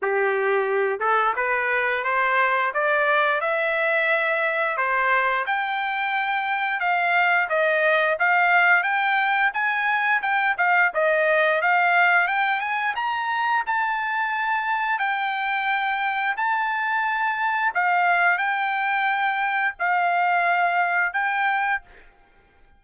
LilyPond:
\new Staff \with { instrumentName = "trumpet" } { \time 4/4 \tempo 4 = 88 g'4. a'8 b'4 c''4 | d''4 e''2 c''4 | g''2 f''4 dis''4 | f''4 g''4 gis''4 g''8 f''8 |
dis''4 f''4 g''8 gis''8 ais''4 | a''2 g''2 | a''2 f''4 g''4~ | g''4 f''2 g''4 | }